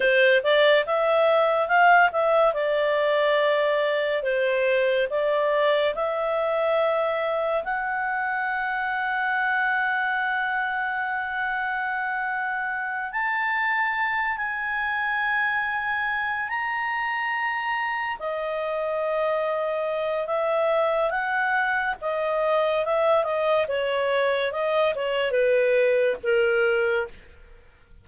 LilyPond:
\new Staff \with { instrumentName = "clarinet" } { \time 4/4 \tempo 4 = 71 c''8 d''8 e''4 f''8 e''8 d''4~ | d''4 c''4 d''4 e''4~ | e''4 fis''2.~ | fis''2.~ fis''8 a''8~ |
a''4 gis''2~ gis''8 ais''8~ | ais''4. dis''2~ dis''8 | e''4 fis''4 dis''4 e''8 dis''8 | cis''4 dis''8 cis''8 b'4 ais'4 | }